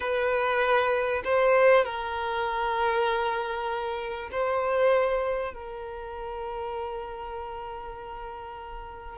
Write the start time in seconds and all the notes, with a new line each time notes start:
0.00 B4
1.24 C5
1.85 A#4
4.31 C5
5.53 A#4